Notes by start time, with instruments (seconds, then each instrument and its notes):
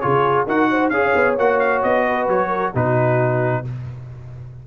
0.00 tuba C#3, trombone F4, horn G#4, trumpet C#5
0.45 tuba D#4, trombone F#4, horn A#4, trumpet F#5
0.70 horn C5
0.89 tuba C#4, trombone G#4, trumpet F5
0.95 horn C#5
1.15 tuba B3
1.37 tuba A#3, trombone F#4, trumpet F#5
1.59 trumpet F5
1.83 tuba B3, trumpet D#5
2.06 horn B4
2.28 tuba F#3, trumpet C#5
2.48 horn A#4
2.74 tuba B2, trombone D#4, horn F#4, trumpet B4